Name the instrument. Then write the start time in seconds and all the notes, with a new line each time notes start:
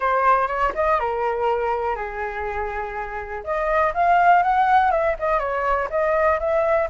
flute
0.00 C5
0.47 C#5
0.74 D#5
0.99 A#4
1.95 G#4
3.44 D#5
3.94 F5
4.42 F#5
4.91 E5
5.19 D#5
5.39 C#5
5.89 D#5
6.39 E5